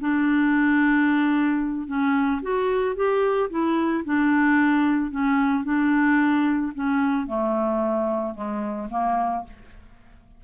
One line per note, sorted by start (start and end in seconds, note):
0.00 1.87 D4
1.87 2.41 C#4
2.42 2.95 F#4
2.95 3.49 G4
3.49 4.03 E4
4.04 5.10 D4
5.10 5.64 C#4
5.64 6.72 D4
6.74 7.27 C#4
7.27 8.34 A3
8.34 8.88 G#3
8.89 9.43 A#3